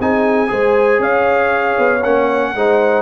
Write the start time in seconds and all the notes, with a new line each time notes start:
0.00 C4 D#4 G#4 G#5
0.48 G#3 G#4 C5
1.00 C#4 C#5 F5
1.79 B3
2.04 A#3 C#4 F#5
2.55 G#3 D#4 C5